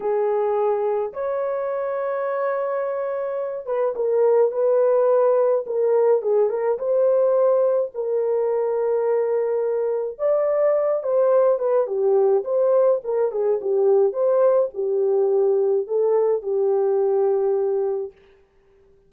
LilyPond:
\new Staff \with { instrumentName = "horn" } { \time 4/4 \tempo 4 = 106 gis'2 cis''2~ | cis''2~ cis''8 b'8 ais'4 | b'2 ais'4 gis'8 ais'8 | c''2 ais'2~ |
ais'2 d''4. c''8~ | c''8 b'8 g'4 c''4 ais'8 gis'8 | g'4 c''4 g'2 | a'4 g'2. | }